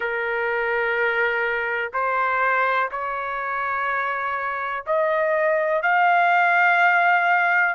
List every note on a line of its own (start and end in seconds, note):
0.00 1.91 A#4
1.93 2.90 C5
2.91 4.84 C#5
4.86 5.82 D#5
5.82 7.75 F5